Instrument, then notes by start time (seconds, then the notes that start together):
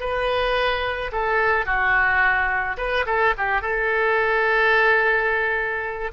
oboe
0.00 B4
1.12 A4
1.66 F#4
2.77 B4
3.06 A4
3.37 G4
3.62 A4